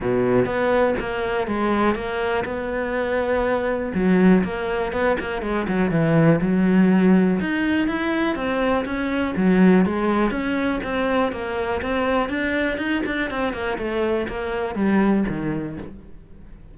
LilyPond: \new Staff \with { instrumentName = "cello" } { \time 4/4 \tempo 4 = 122 b,4 b4 ais4 gis4 | ais4 b2. | fis4 ais4 b8 ais8 gis8 fis8 | e4 fis2 dis'4 |
e'4 c'4 cis'4 fis4 | gis4 cis'4 c'4 ais4 | c'4 d'4 dis'8 d'8 c'8 ais8 | a4 ais4 g4 dis4 | }